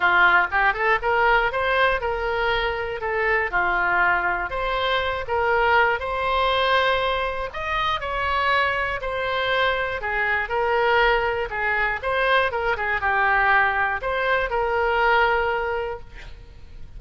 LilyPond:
\new Staff \with { instrumentName = "oboe" } { \time 4/4 \tempo 4 = 120 f'4 g'8 a'8 ais'4 c''4 | ais'2 a'4 f'4~ | f'4 c''4. ais'4. | c''2. dis''4 |
cis''2 c''2 | gis'4 ais'2 gis'4 | c''4 ais'8 gis'8 g'2 | c''4 ais'2. | }